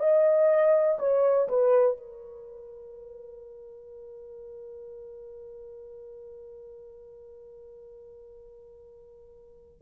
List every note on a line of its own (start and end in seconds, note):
0.00 0.98 D#5
0.99 1.48 C#5
1.49 1.98 B4
1.98 9.82 A#4